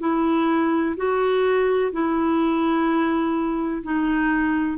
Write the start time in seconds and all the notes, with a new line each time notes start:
0.00 E4
0.97 F#4
1.92 E4
3.83 D#4